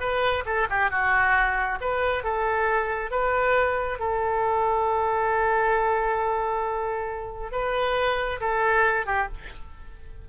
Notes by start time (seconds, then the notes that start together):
0.00 B4
0.46 A4
0.70 G4
0.90 F#4
1.81 B4
2.24 A4
3.11 B4
3.99 A4
7.52 B4
8.40 A4
9.06 G4